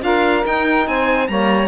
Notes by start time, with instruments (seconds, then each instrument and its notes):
0.00 cello D4, saxophone F4 A#4, violin F5
0.43 saxophone D#4, cello D#4, violin G5
0.87 cello C4, saxophone C5, violin G#5
1.27 cello G3, saxophone A#3 C#5, violin A#5